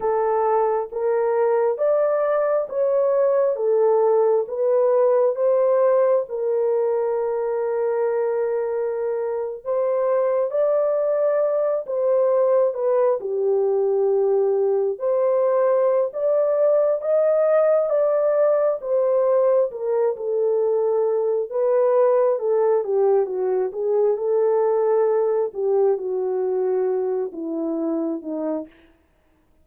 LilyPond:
\new Staff \with { instrumentName = "horn" } { \time 4/4 \tempo 4 = 67 a'4 ais'4 d''4 cis''4 | a'4 b'4 c''4 ais'4~ | ais'2~ ais'8. c''4 d''16~ | d''4~ d''16 c''4 b'8 g'4~ g'16~ |
g'8. c''4~ c''16 d''4 dis''4 | d''4 c''4 ais'8 a'4. | b'4 a'8 g'8 fis'8 gis'8 a'4~ | a'8 g'8 fis'4. e'4 dis'8 | }